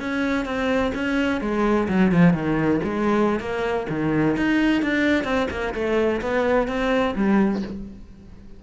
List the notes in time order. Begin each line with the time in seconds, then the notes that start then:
0.00 C#4
0.46 C4
0.95 C#4
1.41 G#3
1.88 F#3
2.12 F3
2.33 D#3
2.84 G#3
3.40 A#3
3.90 D#3
4.37 D#4
4.82 D4
5.24 C4
5.51 A#3
5.74 A3
6.22 B3
6.68 C4
7.15 G3